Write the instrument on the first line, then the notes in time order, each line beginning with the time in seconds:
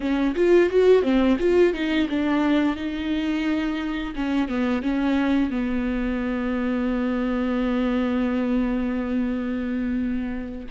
viola
0.00 C#4
0.34 F4
0.69 F#4
1.02 C4
1.39 F4
1.73 D#4
2.09 D4
2.76 D#4
4.15 C#4
4.48 B3
4.82 C#4
5.50 B3